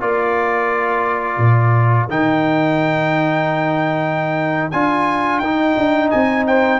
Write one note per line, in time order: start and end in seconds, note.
0.00 1.37 A#3
0.00 2.09 F4
0.00 6.10 A#4
0.00 2.10 D5
1.37 2.07 A#2
2.10 4.71 D#3
2.10 4.72 D#4
2.10 4.71 G5
4.71 5.40 D4
4.71 5.43 F4
4.71 5.39 G#5
5.39 5.75 D#4
5.39 6.80 D#4
5.39 6.09 G5
5.77 6.12 D4
6.10 6.80 C4
6.10 6.45 D#5
6.10 6.45 G#5
6.47 6.80 C5
6.47 6.80 G5